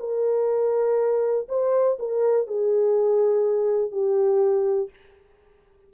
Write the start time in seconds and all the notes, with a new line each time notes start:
0.00 A#4
1.49 C5
1.99 A#4
2.47 G#4
3.92 G4